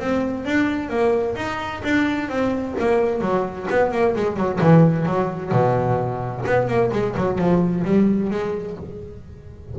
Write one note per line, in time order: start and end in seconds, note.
0.00 0.45 C4
0.45 0.89 D4
0.89 1.36 A#3
1.36 1.82 D#4
1.84 2.29 D4
2.29 2.75 C4
2.79 3.21 A#3
3.21 3.67 F#3
3.70 3.92 B3
3.92 4.15 A#3
4.16 4.37 G#3
4.37 4.60 F#3
4.61 5.06 E3
5.06 5.52 F#3
5.52 6.44 B2
6.46 6.68 B3
6.68 6.91 A#3
6.93 7.16 G#3
7.17 7.39 F#3
7.39 7.85 F3
7.85 8.31 G3
8.31 8.77 G#3